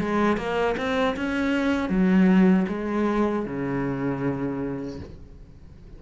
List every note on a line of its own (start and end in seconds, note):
0.00 0.37 G#3
0.37 0.76 A#3
0.78 1.16 C4
1.17 1.90 C#4
1.90 2.66 F#3
2.69 3.46 G#3
3.46 5.00 C#3